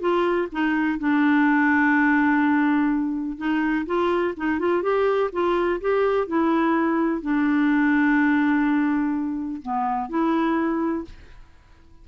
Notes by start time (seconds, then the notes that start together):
0.00 F4
0.52 D#4
0.99 D4
3.38 D#4
3.86 F4
4.37 D#4
4.59 F4
4.82 G4
5.33 F4
5.81 G4
6.27 E4
7.21 D4
9.62 B3
10.09 E4